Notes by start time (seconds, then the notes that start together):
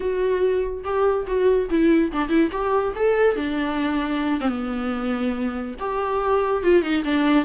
0.00 F#4
0.84 G4
1.27 F#4
1.69 E4
2.12 D4
2.29 E4
2.51 G4
2.95 A4
3.35 D4
4.40 C4
4.48 B3
5.79 G4
6.63 F4
6.82 D#4
7.04 D4